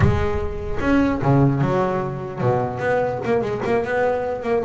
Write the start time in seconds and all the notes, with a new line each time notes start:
0.00 G#3
0.80 C#4
1.22 C#3
1.61 F#3
2.41 B2
2.79 B3
3.24 A#3
3.41 G#3
3.65 A#3
3.84 B3
4.42 A#3